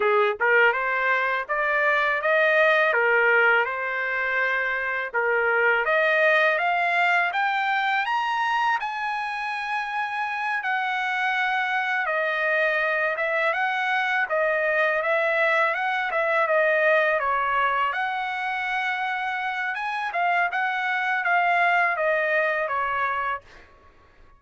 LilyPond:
\new Staff \with { instrumentName = "trumpet" } { \time 4/4 \tempo 4 = 82 gis'8 ais'8 c''4 d''4 dis''4 | ais'4 c''2 ais'4 | dis''4 f''4 g''4 ais''4 | gis''2~ gis''8 fis''4.~ |
fis''8 dis''4. e''8 fis''4 dis''8~ | dis''8 e''4 fis''8 e''8 dis''4 cis''8~ | cis''8 fis''2~ fis''8 gis''8 f''8 | fis''4 f''4 dis''4 cis''4 | }